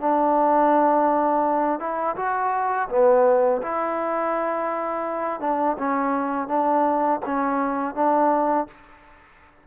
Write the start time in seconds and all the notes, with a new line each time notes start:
0.00 D4
1.79 E4
2.16 F#4
2.89 B3
3.62 E4
5.40 D4
5.78 C#4
6.48 D4
7.26 C#4
7.95 D4